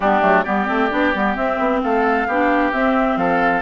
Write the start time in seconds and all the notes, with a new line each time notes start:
0.00 G3 B3 D4 G4
0.21 F#3 A3
0.43 G3 B3 G4 D5
0.66 A3 C4
0.90 B3 D4
1.14 G3 B3
1.35 C4 E5
1.58 B3
1.82 A3 A4 F5
2.27 B3 D4 G4
2.72 C4 E5
3.16 F3 A4 F5